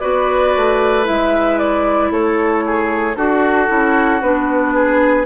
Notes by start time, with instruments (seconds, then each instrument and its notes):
0.00 bassoon B3, clarinet F#4, oboe B4, flute D5
0.56 bassoon A3
1.04 bassoon G#3, clarinet E4, flute E5
1.58 flute D5
2.11 bassoon A3, oboe A4, flute C#5
2.66 oboe G#4
3.16 bassoon D4, oboe F#4, clarinet F#4, flute A4
3.68 bassoon C#4, clarinet E4
4.21 bassoon B3, clarinet D4, flute B4
4.74 oboe G#4